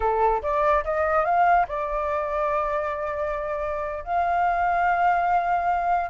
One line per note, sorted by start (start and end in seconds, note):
0.00 0.42 A4
0.42 0.84 D5
0.84 1.25 D#5
1.25 1.66 F5
1.68 4.03 D5
4.03 6.10 F5